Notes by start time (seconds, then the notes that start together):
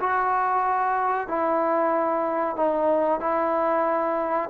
0.00 F#4
1.28 E4
2.56 D#4
3.21 E4